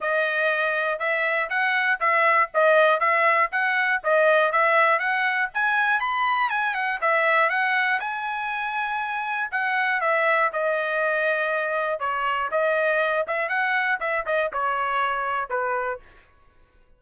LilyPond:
\new Staff \with { instrumentName = "trumpet" } { \time 4/4 \tempo 4 = 120 dis''2 e''4 fis''4 | e''4 dis''4 e''4 fis''4 | dis''4 e''4 fis''4 gis''4 | b''4 gis''8 fis''8 e''4 fis''4 |
gis''2. fis''4 | e''4 dis''2. | cis''4 dis''4. e''8 fis''4 | e''8 dis''8 cis''2 b'4 | }